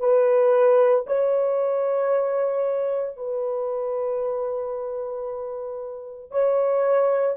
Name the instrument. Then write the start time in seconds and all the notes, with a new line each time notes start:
horn
0.00 B4
1.07 C#5
3.16 B4
6.31 C#5